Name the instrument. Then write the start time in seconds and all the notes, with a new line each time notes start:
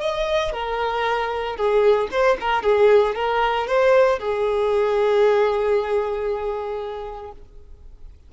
violin
0.00 D#5
0.52 A#4
1.56 G#4
2.11 C5
2.40 A#4
2.63 G#4
3.15 A#4
3.67 C5
4.19 G#4